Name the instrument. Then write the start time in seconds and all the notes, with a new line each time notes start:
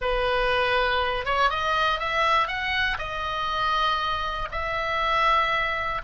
oboe
0.01 B4
1.25 C#5
1.50 D#5
1.99 E5
2.47 F#5
2.98 D#5
4.51 E5